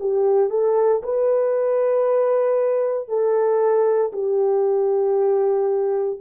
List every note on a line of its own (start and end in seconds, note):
0.00 0.50 G4
0.50 1.02 A4
1.03 3.08 B4
3.08 4.12 A4
4.13 6.20 G4